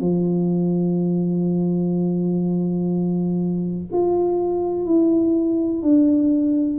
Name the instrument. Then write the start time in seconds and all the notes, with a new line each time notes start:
tuba
0.00 F3
3.92 F4
4.86 E4
5.82 D4